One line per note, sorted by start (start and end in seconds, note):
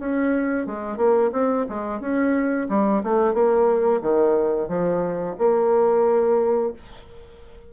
0.00 0.67 C#4
0.67 0.97 G#3
0.97 1.31 A#3
1.33 1.66 C4
1.70 2.01 G#3
2.01 2.68 C#4
2.70 3.03 G3
3.04 3.34 A3
3.34 4.02 A#3
4.02 4.69 D#3
4.69 5.36 F3
5.39 6.74 A#3